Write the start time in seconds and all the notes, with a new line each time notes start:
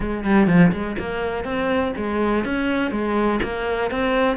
0.00 G#3
0.24 G3
0.47 F3
0.71 G#3
0.98 A#3
1.44 C4
1.96 G#3
2.44 C#4
2.91 G#3
3.42 A#3
3.90 C4